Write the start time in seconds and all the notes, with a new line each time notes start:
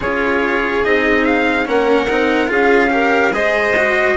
0.00 C#4 F4 G#4 C#5
0.84 C4 D#4 D#5
1.24 F5
1.65 A#3 C#4 A#4 F#5
2.09 C4 D#4
2.47 C#4 F4 G#4 F5
2.89 G4 A#4
3.31 G#3 G#4 C5 D#5
3.76 F#4